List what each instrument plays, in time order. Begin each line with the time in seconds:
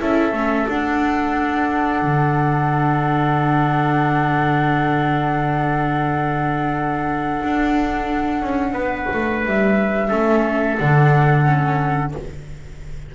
0.00 double bass C#4, viola E4, trumpet A4, flute E5
0.33 double bass A3, viola C#4
0.69 double bass D4, viola D4, flute F#5
2.03 double bass D3
7.43 double bass D4
8.43 double bass C#4
8.73 double bass B3, trumpet B4
9.13 double bass A3
9.46 double bass G3, flute E5
10.09 double bass A3, viola C#4, trumpet A4
10.77 double bass D3, viola D4, flute F#5
11.45 viola C#4